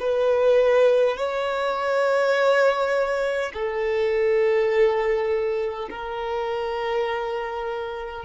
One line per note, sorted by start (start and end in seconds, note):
0.00 1.17 B4
1.17 3.52 C#5
3.53 5.89 A4
5.90 8.25 A#4